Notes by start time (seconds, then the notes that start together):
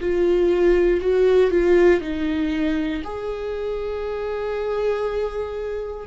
0.00 F4
1.00 F#4
1.51 F4
2.01 D#4
3.04 G#4